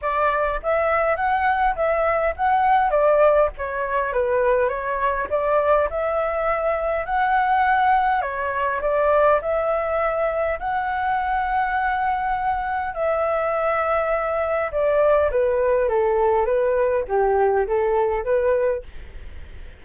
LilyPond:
\new Staff \with { instrumentName = "flute" } { \time 4/4 \tempo 4 = 102 d''4 e''4 fis''4 e''4 | fis''4 d''4 cis''4 b'4 | cis''4 d''4 e''2 | fis''2 cis''4 d''4 |
e''2 fis''2~ | fis''2 e''2~ | e''4 d''4 b'4 a'4 | b'4 g'4 a'4 b'4 | }